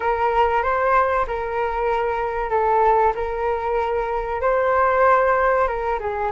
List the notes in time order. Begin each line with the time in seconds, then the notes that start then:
0.00 A#4
0.63 C5
1.27 A#4
2.49 A4
3.15 A#4
4.41 C5
5.67 A#4
5.99 G#4